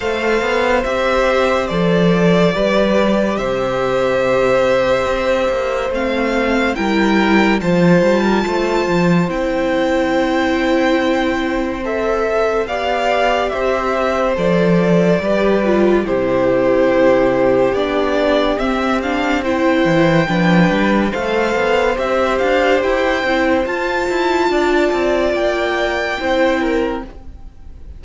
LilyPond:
<<
  \new Staff \with { instrumentName = "violin" } { \time 4/4 \tempo 4 = 71 f''4 e''4 d''2 | e''2. f''4 | g''4 a''2 g''4~ | g''2 e''4 f''4 |
e''4 d''2 c''4~ | c''4 d''4 e''8 f''8 g''4~ | g''4 f''4 e''8 f''8 g''4 | a''2 g''2 | }
  \new Staff \with { instrumentName = "violin" } { \time 4/4 c''2. b'4 | c''1 | ais'4 c''8. ais'16 c''2~ | c''2. d''4 |
c''2 b'4 g'4~ | g'2. c''4 | b'4 c''2.~ | c''4 d''2 c''8 ais'8 | }
  \new Staff \with { instrumentName = "viola" } { \time 4/4 a'4 g'4 a'4 g'4~ | g'2. c'4 | e'4 f'2 e'4~ | e'2 a'4 g'4~ |
g'4 a'4 g'8 f'8 e'4~ | e'4 d'4 c'8 d'8 e'4 | d'4 a'4 g'4. e'8 | f'2. e'4 | }
  \new Staff \with { instrumentName = "cello" } { \time 4/4 a8 b8 c'4 f4 g4 | c2 c'8 ais8 a4 | g4 f8 g8 a8 f8 c'4~ | c'2. b4 |
c'4 f4 g4 c4~ | c4 b4 c'4. e8 | f8 g8 a8 b8 c'8 d'8 e'8 c'8 | f'8 e'8 d'8 c'8 ais4 c'4 | }
>>